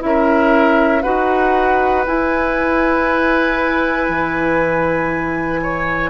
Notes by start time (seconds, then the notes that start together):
0.00 C#4 E4 A#4 E5
1.02 D#4 F#4 B4 F#5
2.06 E4 G#5
4.09 E3
5.62 C#5